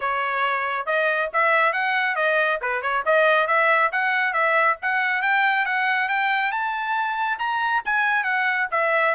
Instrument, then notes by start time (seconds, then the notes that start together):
trumpet
0.00 C#5
0.86 D#5
1.33 E5
1.72 F#5
2.15 D#5
2.61 B4
2.81 C#5
3.05 D#5
3.47 E5
3.92 F#5
4.33 E5
4.82 F#5
5.22 G5
5.65 F#5
6.08 G5
6.51 A5
7.39 A#5
7.85 G#5
8.23 F#5
8.71 E5